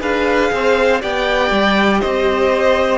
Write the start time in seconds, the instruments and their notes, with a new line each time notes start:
0.00 cello D4, viola G#4, violin B4 F5
0.52 cello C4, violin C5
1.00 cello B3, viola G4, violin D5 G5
1.51 cello G3
2.01 cello C4, violin C5 D#5